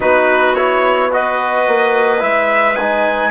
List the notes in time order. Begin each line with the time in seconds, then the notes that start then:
0.00 B3 D#4 F#4 B4
0.54 E4 C#5
1.11 F#4 B4 D#5
1.67 A#3
2.19 G#3 E4 E5
2.75 D#4 G#5